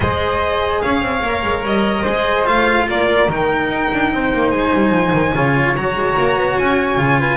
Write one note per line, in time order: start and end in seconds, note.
0.00 0.81 G#3
0.00 1.23 G#4
0.00 0.83 C5
0.00 0.81 D#5
0.81 1.01 C#4
0.81 2.02 C#5
0.81 1.64 F5
1.01 1.21 C4
1.21 1.42 A#3
1.21 2.05 A#4
1.43 1.63 G#3
1.63 2.04 G3
1.63 2.46 D#5
2.02 2.47 G#3
2.02 2.44 G#4
2.02 2.84 C5
2.44 2.88 A3
2.44 3.26 F4
2.44 2.87 F5
2.89 3.27 A#3
2.89 4.12 A#4
2.89 3.30 D5
3.27 3.68 D#3
3.27 5.35 D#4
3.27 4.50 G5
3.68 3.88 D#4
3.93 4.12 D4
4.12 4.33 C4
4.12 5.35 C5
4.33 4.51 A#3
4.50 4.72 G#3
4.50 5.73 G#5
4.73 4.90 G3
4.90 5.11 F3
5.12 5.33 D#3
5.35 5.75 C#3
5.35 5.76 F4
5.35 7.19 C#5
5.75 5.95 F#3
5.75 6.98 F#4
5.75 6.58 A#5
5.95 6.16 G#3
6.17 6.36 A#3
6.36 6.56 B3
6.58 6.96 C#4
6.58 7.37 G#5
6.96 7.37 C#3
6.96 7.37 F4
7.19 7.37 B4